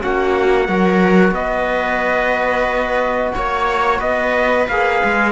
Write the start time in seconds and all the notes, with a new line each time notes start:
0.00 A#3 C#4 F#4 F#5
0.67 F#3 F#4 A#4
1.31 B3 B4 D#5
3.35 A#3 C#5
3.99 B3 B4 D#5
4.68 A#3 G#4 F5
5.04 G#3